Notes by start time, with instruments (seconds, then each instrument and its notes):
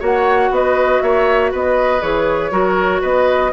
0.00 bassoon A#3, clarinet F#4, oboe C#5, flute F#5
0.51 bassoon B3, oboe B4, flute D#5
1.02 bassoon A#3, oboe C#5, flute E5
1.52 bassoon B3, oboe B4, flute D#5
2.01 bassoon E3, clarinet G#4, flute C#5
2.51 bassoon F#3, clarinet F#4, oboe A#4
3.02 bassoon B3, oboe B4, flute D#5